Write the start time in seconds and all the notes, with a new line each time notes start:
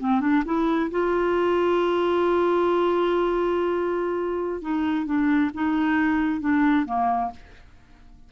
0.00 C4
0.21 D4
0.46 E4
0.91 F4
4.62 D#4
5.06 D4
5.54 D#4
6.41 D4
6.86 A#3